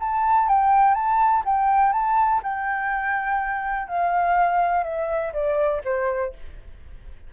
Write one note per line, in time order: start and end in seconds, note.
0.00 0.49 A5
0.49 0.95 G5
0.95 1.44 A5
1.45 1.93 G5
1.93 2.42 A5
2.43 3.89 G5
3.89 4.84 F5
4.84 5.33 E5
5.33 5.82 D5
5.85 6.33 C5